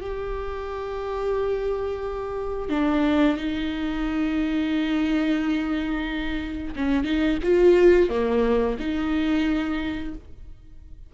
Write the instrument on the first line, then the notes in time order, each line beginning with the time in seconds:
viola
0.00 G4
2.69 D4
3.37 D#4
6.75 C#4
7.04 D#4
7.42 F4
8.09 A#3
8.79 D#4